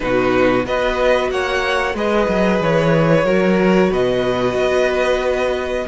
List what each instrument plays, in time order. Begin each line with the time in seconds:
0.00 cello B2, viola D#4, violin F#4 B4
0.64 cello B3, viola F#4, violin B4 D#5
1.30 cello A#3, violin C#5 F#5
1.94 cello G#3, viola G#4, violin B4 D#5
2.28 cello F#3
2.60 cello E3, violin C#5
3.24 cello F#3, viola F#4, violin A#4
3.90 cello B2, violin B4 D#5
4.54 cello B3